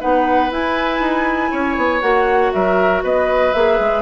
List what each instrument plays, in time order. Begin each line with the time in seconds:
0.00 bassoon B3, clarinet D#4, oboe B4, flute F#5
0.51 clarinet E4, bassoon E4, flute G#5
1.00 bassoon D#4
1.51 bassoon C#4, oboe C#5
1.77 bassoon B3
2.01 bassoon A#3, clarinet F#4, flute F#5
2.52 bassoon F#3, oboe A#4, flute E5
3.03 bassoon B3, oboe B4, flute D#5
3.54 bassoon A#3, clarinet G#4, flute E5
3.80 bassoon G#3